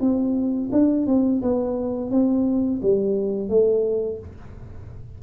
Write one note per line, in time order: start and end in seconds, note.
0.00 0.70 C4
0.72 1.06 D4
1.06 1.41 C4
1.42 2.11 B3
2.11 2.80 C4
2.82 3.49 G3
3.49 4.19 A3